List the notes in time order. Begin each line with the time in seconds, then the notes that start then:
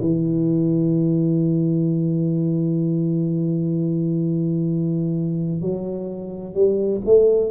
0.00 E3
5.61 F#3
6.54 G3
7.05 A3